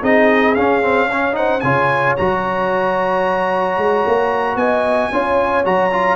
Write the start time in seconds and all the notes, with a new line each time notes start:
0.00 C4 D#4 G#4 D#5
0.54 C#4 F5
0.82 C4
1.09 C#4 C#5
1.32 D#4 C5 F#5
1.60 C#3 F4 C#5 G#5
2.16 F#3 F#4 A#5
3.77 G#3
4.06 A#3
4.55 B3 D#5 G#5
5.12 C#4 F4 C#5
5.64 F#3 F#4 A#5
5.91 F4